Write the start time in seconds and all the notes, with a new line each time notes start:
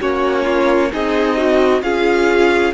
0.00 A#3 C#4 F#4 C#5
0.43 F4
0.91 C4 D#4 G#4 D#5
1.36 F#4
1.82 C#4 F4 G#4 F5